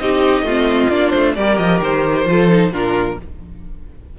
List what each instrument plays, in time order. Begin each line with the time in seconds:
0.00 cello C4, viola D#4, violin G4 D#5
0.43 cello A3, viola C4, violin F4
0.90 cello A#3, viola D4, violin D5
1.11 cello A3, violin C5
1.36 cello G3, viola G4, violin A#4 D5
1.58 cello F3, violin D#5
1.80 cello D#3, violin C5
2.26 cello F3, viola F4, violin A4
2.50 viola D#4
2.71 cello A#2, viola D4, violin F4 A#4